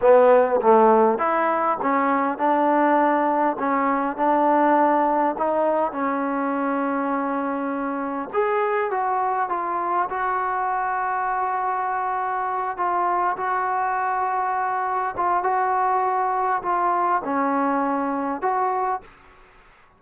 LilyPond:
\new Staff \with { instrumentName = "trombone" } { \time 4/4 \tempo 4 = 101 b4 a4 e'4 cis'4 | d'2 cis'4 d'4~ | d'4 dis'4 cis'2~ | cis'2 gis'4 fis'4 |
f'4 fis'2.~ | fis'4. f'4 fis'4.~ | fis'4. f'8 fis'2 | f'4 cis'2 fis'4 | }